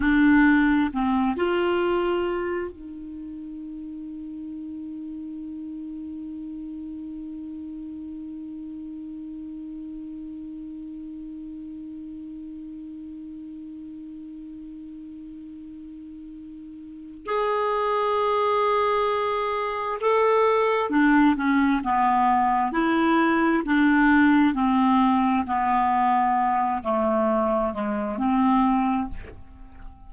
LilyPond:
\new Staff \with { instrumentName = "clarinet" } { \time 4/4 \tempo 4 = 66 d'4 c'8 f'4. dis'4~ | dis'1~ | dis'1~ | dis'1~ |
dis'2. gis'4~ | gis'2 a'4 d'8 cis'8 | b4 e'4 d'4 c'4 | b4. a4 gis8 c'4 | }